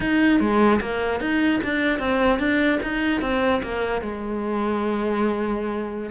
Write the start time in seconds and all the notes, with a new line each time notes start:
0.00 D#4
0.39 G#3
0.80 A#3
1.20 D#4
1.63 D4
1.99 C4
2.39 D4
2.82 D#4
3.21 C4
3.63 A#3
4.01 G#3